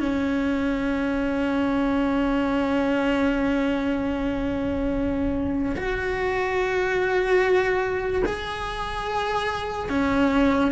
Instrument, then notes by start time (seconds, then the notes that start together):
cello
0.00 C#4
5.76 F#4
8.25 G#4
9.89 C#4